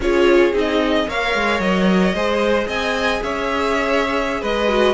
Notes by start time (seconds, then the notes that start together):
0.00 C#4 F4 G#4 C#5
0.52 C4 D#4 D#5
1.06 A#3 A#4 C#5 F5
1.34 G#3
1.59 F#3 D#5
2.13 G#3 G#4 C5
2.67 C4 D#5 G#5
3.23 C#4 C#5 E5
4.41 G#3 B4 D#5
4.68 F#4